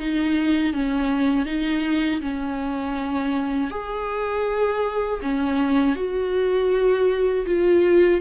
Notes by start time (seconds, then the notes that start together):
0.00 D#4
0.74 C#4
1.46 D#4
2.22 C#4
3.71 G#4
5.23 C#4
5.96 F#4
7.47 F4